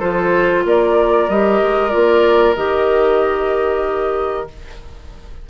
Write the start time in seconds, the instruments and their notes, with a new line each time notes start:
0.00 bassoon F3, clarinet F4, oboe A4, flute C5
0.65 bassoon A#3, oboe A#4, flute D5
1.29 bassoon G3, clarinet G4, flute D#5
1.63 bassoon G#3
1.91 bassoon A#3, clarinet F4, flute D5
2.56 bassoon D#3, clarinet G4, flute D#5